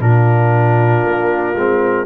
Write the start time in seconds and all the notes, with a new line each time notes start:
0.00 A#2 D4 F4 A#4
1.06 A#3
1.55 G#3 C4